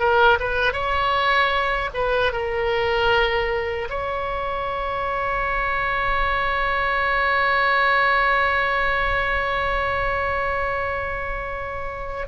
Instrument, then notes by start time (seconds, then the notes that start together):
oboe
0.00 A#4
0.40 B4
0.74 C#5
1.94 B4
2.33 A#4
3.90 C#5